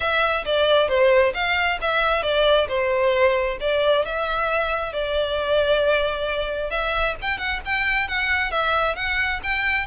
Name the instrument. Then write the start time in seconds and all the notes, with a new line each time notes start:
violin
0.00 E5
0.45 D5
0.88 C5
1.34 F5
1.81 E5
2.22 D5
2.68 C5
3.60 D5
4.05 E5
4.93 D5
6.70 E5
7.21 G5
7.38 F#5
7.65 G5
8.08 F#5
8.51 E5
8.95 F#5
9.43 G5